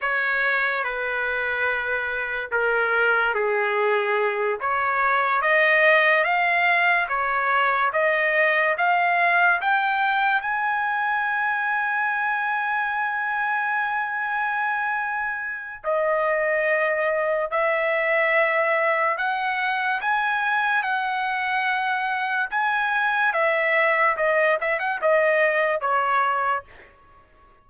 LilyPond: \new Staff \with { instrumentName = "trumpet" } { \time 4/4 \tempo 4 = 72 cis''4 b'2 ais'4 | gis'4. cis''4 dis''4 f''8~ | f''8 cis''4 dis''4 f''4 g''8~ | g''8 gis''2.~ gis''8~ |
gis''2. dis''4~ | dis''4 e''2 fis''4 | gis''4 fis''2 gis''4 | e''4 dis''8 e''16 fis''16 dis''4 cis''4 | }